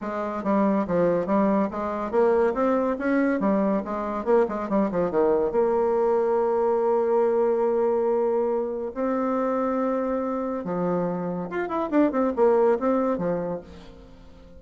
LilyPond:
\new Staff \with { instrumentName = "bassoon" } { \time 4/4 \tempo 4 = 141 gis4 g4 f4 g4 | gis4 ais4 c'4 cis'4 | g4 gis4 ais8 gis8 g8 f8 | dis4 ais2.~ |
ais1~ | ais4 c'2.~ | c'4 f2 f'8 e'8 | d'8 c'8 ais4 c'4 f4 | }